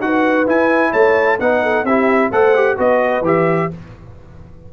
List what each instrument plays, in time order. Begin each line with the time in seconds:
0.00 tuba D#4, trombone F#4, horn B4, trumpet F#5
0.46 tuba E4, trombone E4, trumpet G#5
0.91 tuba A3, horn C#5, trumpet A5
1.40 tuba B3, trombone D#4, horn B4, trumpet F#5
1.63 horn A4
1.84 tuba C4, trombone E4, horn G4, trumpet E5
2.31 tuba A3, trombone A4, horn C5, trumpet F#5
2.55 trombone G4
2.77 tuba B3, trombone F#4, horn B4, trumpet D#5
3.22 tuba E3, trombone G4, trumpet E5